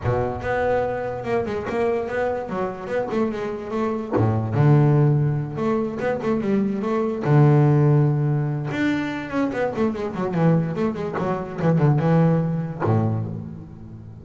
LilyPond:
\new Staff \with { instrumentName = "double bass" } { \time 4/4 \tempo 4 = 145 b,4 b2 ais8 gis8 | ais4 b4 fis4 b8 a8 | gis4 a4 a,4 d4~ | d4. a4 b8 a8 g8~ |
g8 a4 d2~ d8~ | d4 d'4. cis'8 b8 a8 | gis8 fis8 e4 a8 gis8 fis4 | e8 d8 e2 a,4 | }